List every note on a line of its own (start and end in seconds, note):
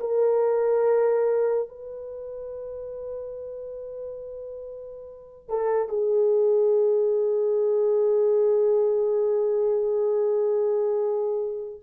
0.00 1.69 A#4
1.69 5.49 B4
5.49 5.89 A4
5.89 11.80 G#4